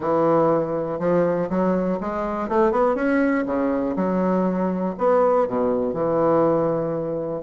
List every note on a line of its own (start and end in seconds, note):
0.00 0.99 E3
0.99 1.49 F3
1.49 1.99 F#3
2.00 2.48 G#3
2.48 2.71 A3
2.71 2.95 B3
2.95 3.44 C#4
3.46 3.95 C#3
3.95 4.95 F#3
4.98 5.47 B3
5.47 5.93 B2
5.93 7.42 E3